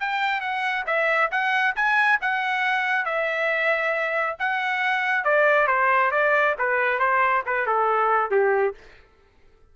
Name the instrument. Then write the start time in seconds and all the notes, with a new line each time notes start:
trumpet
0.00 G5
0.41 F#5
0.87 E5
1.31 F#5
1.76 G#5
2.21 F#5
3.05 E5
4.39 F#5
5.24 D5
5.67 C5
6.11 D5
6.58 B4
6.99 C5
7.46 B4
7.66 A4
8.31 G4